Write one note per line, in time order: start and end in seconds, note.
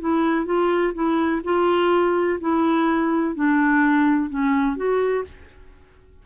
0.00 0.46 E4
0.46 0.93 F4
0.94 1.42 E4
1.44 2.39 F4
2.40 3.35 E4
3.35 4.30 D4
4.30 4.76 C#4
4.76 5.24 F#4